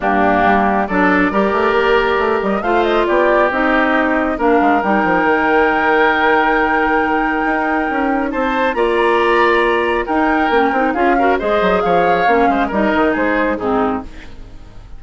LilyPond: <<
  \new Staff \with { instrumentName = "flute" } { \time 4/4 \tempo 4 = 137 g'2 d''2~ | d''4. dis''8 f''8 dis''8 d''4 | dis''2 f''4 g''4~ | g''1~ |
g''2. a''4 | ais''2. g''4~ | g''4 f''4 dis''4 f''4~ | f''4 dis''4 c''4 gis'4 | }
  \new Staff \with { instrumentName = "oboe" } { \time 4/4 d'2 a'4 ais'4~ | ais'2 c''4 g'4~ | g'2 ais'2~ | ais'1~ |
ais'2. c''4 | d''2. ais'4~ | ais'4 gis'8 ais'8 c''4 cis''4~ | cis''8 c''8 ais'4 gis'4 dis'4 | }
  \new Staff \with { instrumentName = "clarinet" } { \time 4/4 ais2 d'4 g'4~ | g'2 f'2 | dis'2 d'4 dis'4~ | dis'1~ |
dis'1 | f'2. dis'4 | cis'8 dis'8 f'8 fis'8 gis'2 | cis'4 dis'2 c'4 | }
  \new Staff \with { instrumentName = "bassoon" } { \time 4/4 g,4 g4 fis4 g8 a8 | ais4 a8 g8 a4 b4 | c'2 ais8 gis8 g8 f8 | dis1~ |
dis4 dis'4 cis'4 c'4 | ais2. dis'4 | ais8 c'8 cis'4 gis8 fis8 f4 | ais8 gis8 g8 dis8 gis4 gis,4 | }
>>